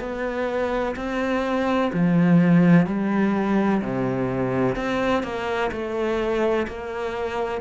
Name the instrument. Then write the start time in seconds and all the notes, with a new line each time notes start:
cello
0.00 B3
0.96 C4
1.94 F3
2.87 G3
3.82 C3
4.76 C4
5.23 A#3
5.72 A3
6.68 A#3